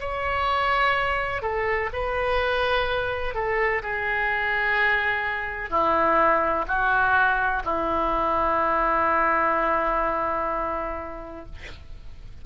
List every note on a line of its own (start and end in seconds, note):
0.00 1.42 C#5
1.42 1.90 A4
1.93 3.35 B4
3.35 3.82 A4
3.82 5.70 G#4
5.70 6.65 E4
6.68 7.63 F#4
7.65 11.45 E4